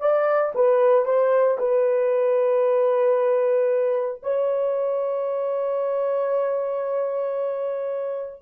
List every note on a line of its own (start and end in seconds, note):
0.00 0.53 D5
0.55 1.05 B4
1.05 1.58 C5
1.58 4.22 B4
4.23 8.42 C#5